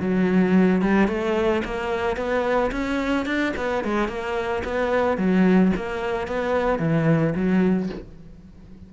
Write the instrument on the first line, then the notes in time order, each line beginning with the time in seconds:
cello
0.00 F#3
0.82 G3
1.08 A3
1.65 A#3
2.17 B3
2.71 C#4
3.26 D4
3.57 B3
3.85 G#3
4.08 A#3
4.64 B3
5.17 F#3
5.76 A#3
6.27 B3
6.79 E3
7.35 F#3